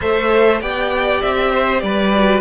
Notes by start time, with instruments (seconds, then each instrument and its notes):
0.00 cello A3, viola A4, violin C5 E5
0.61 cello B3, viola G4, violin D5 G5
1.21 cello C4, violin E5
1.51 violin C5
1.79 cello G3, violin B4 D5
2.13 viola F#4